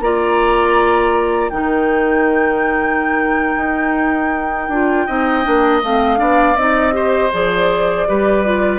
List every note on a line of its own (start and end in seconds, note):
0.00 1.50 A#3
0.00 1.51 F4
0.00 1.52 D5
0.00 1.49 A#5
1.49 3.56 D#3
1.49 4.70 D#4
1.49 5.06 A#4
1.49 5.81 G5
3.56 4.68 D#4
4.68 5.06 D4
4.68 5.08 F4
5.06 5.46 C4
5.06 5.43 D#4
5.06 6.19 D#5
5.43 5.83 A#3
5.43 5.81 D4
5.83 6.20 A3
5.83 6.17 C4
5.83 6.56 F5
6.17 6.56 B3
6.17 6.54 D4
6.17 6.94 D5
6.56 7.31 C4
6.56 6.92 D#4
6.56 7.31 D#5
6.92 7.30 G4
6.92 8.08 C5
7.33 8.08 F3
7.33 8.07 G#4
7.33 8.79 D5
8.07 8.79 G3
8.07 8.45 G4
8.07 8.79 B4
8.45 8.79 F4